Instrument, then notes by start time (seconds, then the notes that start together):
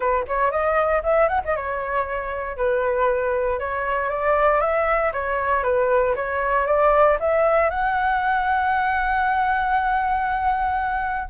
flute
0.00 B4
0.27 C#5
0.51 D#5
1.03 E5
1.28 F#5
1.44 D#5
1.56 C#5
2.56 B4
3.59 C#5
4.10 D5
4.60 E5
5.12 C#5
5.63 B4
6.15 C#5
6.66 D5
7.20 E5
7.69 F#5